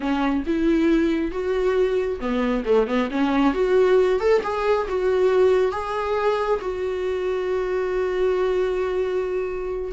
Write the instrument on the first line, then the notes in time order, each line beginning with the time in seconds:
viola
0.00 C#4
0.46 E4
1.31 F#4
2.20 B3
2.65 A3
2.87 B3
3.10 C#4
3.53 F#4
4.20 A4
4.43 G#4
4.88 F#4
5.71 G#4
6.61 F#4